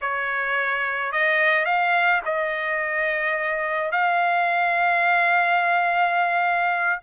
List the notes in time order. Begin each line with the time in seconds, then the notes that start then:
0.01 C#5
1.12 D#5
1.65 F5
2.25 D#5
3.91 F5